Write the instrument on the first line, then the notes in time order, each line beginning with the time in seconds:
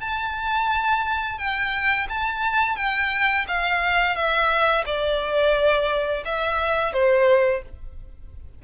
violin
0.00 A5
1.38 G5
2.09 A5
2.76 G5
3.48 F5
4.15 E5
4.86 D5
6.25 E5
6.93 C5